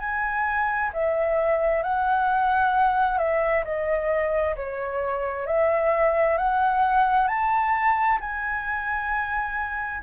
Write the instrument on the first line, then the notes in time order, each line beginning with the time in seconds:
flute
0.00 G#5
0.93 E5
1.83 F#5
3.18 E5
3.65 D#5
4.57 C#5
5.47 E5
6.38 F#5
7.28 A5
8.21 G#5